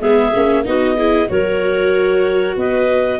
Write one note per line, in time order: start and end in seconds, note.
0.00 0.32 G#3
0.00 0.33 B3
0.00 0.64 G#4
0.00 0.65 E5
0.34 0.66 A#3
0.34 0.65 C#4
0.65 1.30 B3
0.65 0.97 D#4
0.65 0.96 F#4
0.65 1.29 D#5
0.96 1.28 E4
0.96 1.28 G#4
1.28 2.56 F#3
1.28 3.20 F#4
1.28 2.57 A#4
1.28 2.57 C#5
2.56 3.20 B3
2.56 3.20 B4
2.56 3.20 D#5